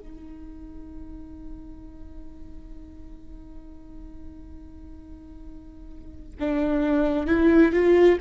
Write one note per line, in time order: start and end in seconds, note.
0.00 6.36 D#4
6.40 7.28 D4
7.28 7.73 E4
7.73 8.19 F4